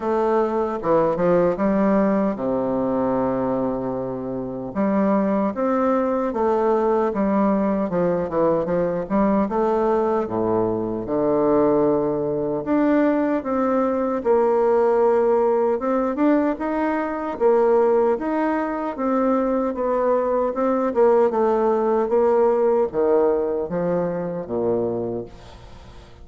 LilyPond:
\new Staff \with { instrumentName = "bassoon" } { \time 4/4 \tempo 4 = 76 a4 e8 f8 g4 c4~ | c2 g4 c'4 | a4 g4 f8 e8 f8 g8 | a4 a,4 d2 |
d'4 c'4 ais2 | c'8 d'8 dis'4 ais4 dis'4 | c'4 b4 c'8 ais8 a4 | ais4 dis4 f4 ais,4 | }